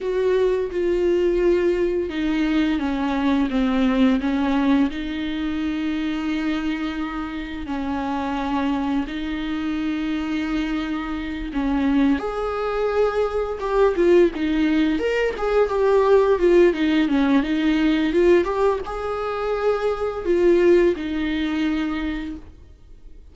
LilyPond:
\new Staff \with { instrumentName = "viola" } { \time 4/4 \tempo 4 = 86 fis'4 f'2 dis'4 | cis'4 c'4 cis'4 dis'4~ | dis'2. cis'4~ | cis'4 dis'2.~ |
dis'8 cis'4 gis'2 g'8 | f'8 dis'4 ais'8 gis'8 g'4 f'8 | dis'8 cis'8 dis'4 f'8 g'8 gis'4~ | gis'4 f'4 dis'2 | }